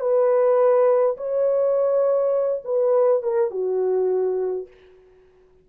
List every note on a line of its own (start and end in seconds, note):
0.00 1.17 B4
1.17 2.62 C#5
2.65 3.22 B4
3.22 3.51 A#4
3.51 4.67 F#4